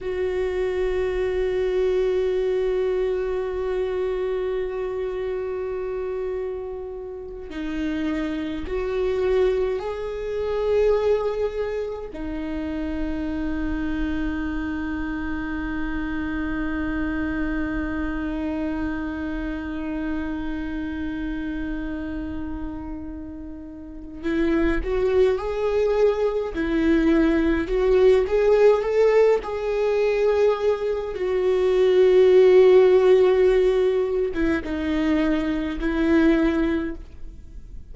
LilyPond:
\new Staff \with { instrumentName = "viola" } { \time 4/4 \tempo 4 = 52 fis'1~ | fis'2~ fis'8 dis'4 fis'8~ | fis'8 gis'2 dis'4.~ | dis'1~ |
dis'1~ | dis'4 e'8 fis'8 gis'4 e'4 | fis'8 gis'8 a'8 gis'4. fis'4~ | fis'4.~ fis'16 e'16 dis'4 e'4 | }